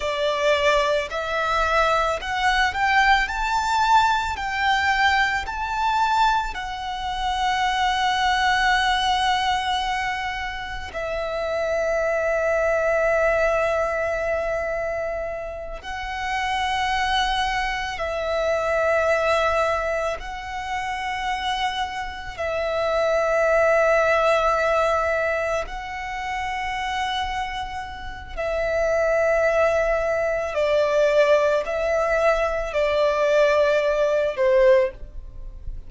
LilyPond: \new Staff \with { instrumentName = "violin" } { \time 4/4 \tempo 4 = 55 d''4 e''4 fis''8 g''8 a''4 | g''4 a''4 fis''2~ | fis''2 e''2~ | e''2~ e''8 fis''4.~ |
fis''8 e''2 fis''4.~ | fis''8 e''2. fis''8~ | fis''2 e''2 | d''4 e''4 d''4. c''8 | }